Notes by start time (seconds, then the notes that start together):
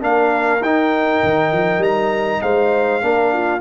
0.00 A#3 D4 A#4 F5
0.60 D#4 G5
1.23 D#3
1.52 F3
1.78 G3 A#5
2.41 G#3 C5 F5
3.01 A#3 D4 A#4
3.33 F4